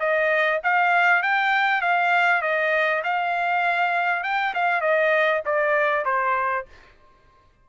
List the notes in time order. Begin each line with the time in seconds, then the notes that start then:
0.00 D#5
0.63 F5
1.22 G5
1.81 F5
2.42 D#5
3.04 F5
4.23 G5
4.54 F5
4.81 D#5
5.45 D5
6.05 C5